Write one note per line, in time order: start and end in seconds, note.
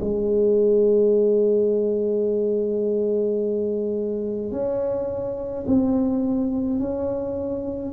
0.00 4.51 G#3
4.51 5.64 C#4
5.67 6.79 C4
6.79 7.92 C#4